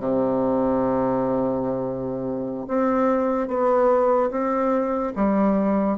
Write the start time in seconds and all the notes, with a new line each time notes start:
0.00 C3
2.68 C4
3.48 B3
4.31 C4
5.16 G3